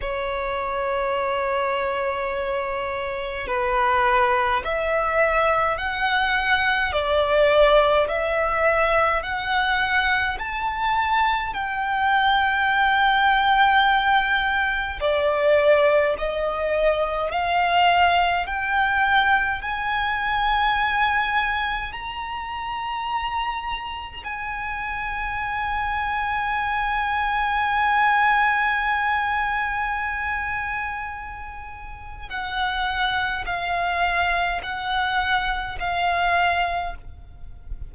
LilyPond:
\new Staff \with { instrumentName = "violin" } { \time 4/4 \tempo 4 = 52 cis''2. b'4 | e''4 fis''4 d''4 e''4 | fis''4 a''4 g''2~ | g''4 d''4 dis''4 f''4 |
g''4 gis''2 ais''4~ | ais''4 gis''2.~ | gis''1 | fis''4 f''4 fis''4 f''4 | }